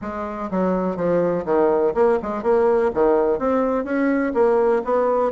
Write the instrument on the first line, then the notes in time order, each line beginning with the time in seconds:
bassoon
0.01 G#3
0.50 F#3
0.96 F3
1.45 D#3
1.94 A#3
2.22 G#3
2.42 A#3
2.93 D#3
3.38 C4
3.84 C#4
4.34 A#3
4.84 B3